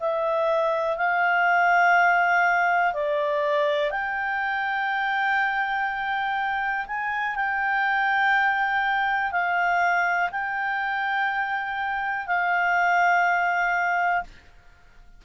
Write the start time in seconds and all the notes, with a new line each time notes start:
0.00 E5
0.97 F5
2.93 D5
3.91 G5
6.87 G#5
7.35 G5
9.32 F5
10.31 G5
12.27 F5